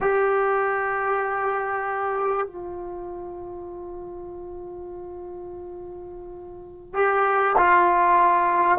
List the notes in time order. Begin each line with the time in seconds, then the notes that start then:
0.00 G4
2.47 F4
6.94 G4
7.57 F4